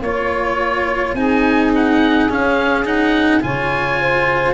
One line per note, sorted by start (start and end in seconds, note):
0.00 1.13 A#3
0.00 1.16 F4
0.00 1.15 C#5
1.14 2.27 C4
1.14 2.29 D#4
1.14 3.42 G#4
1.14 1.71 G#5
1.75 2.31 F#5
2.29 2.85 C#4
2.29 3.43 C#4
2.29 2.86 F5
2.85 3.41 D#4
2.85 3.42 F#5
3.41 4.54 C#3
3.41 4.54 F4
3.41 4.00 C#5
3.41 4.54 G#5
4.00 4.54 C5